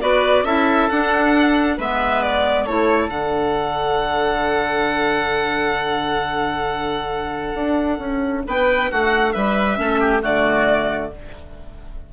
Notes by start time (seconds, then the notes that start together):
0.00 B3 F#4 B4 D5
0.43 C#4 E4 A4 E5
0.89 D4 F#5
1.77 G#3 B3 B4 E5
2.22 D5
2.65 A3 E4 A4 C#5
3.08 D3 D4 F#5
7.54 D4
7.98 C#4
8.46 B3 B4 G5
8.91 A3 F#4 F#5
9.32 G3 B4 E5
9.76 A3 C#4 A4
10.00 G4
10.21 D3 A3 F#4 D5